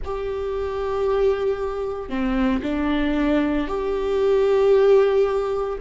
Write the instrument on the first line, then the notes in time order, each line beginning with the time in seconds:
viola
0.04 G4
2.09 C4
2.62 D4
3.67 G4